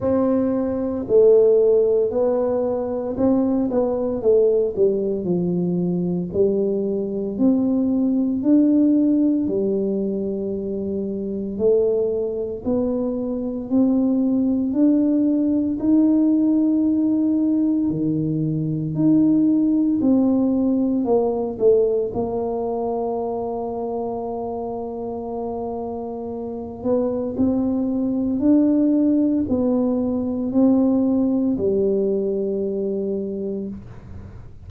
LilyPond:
\new Staff \with { instrumentName = "tuba" } { \time 4/4 \tempo 4 = 57 c'4 a4 b4 c'8 b8 | a8 g8 f4 g4 c'4 | d'4 g2 a4 | b4 c'4 d'4 dis'4~ |
dis'4 dis4 dis'4 c'4 | ais8 a8 ais2.~ | ais4. b8 c'4 d'4 | b4 c'4 g2 | }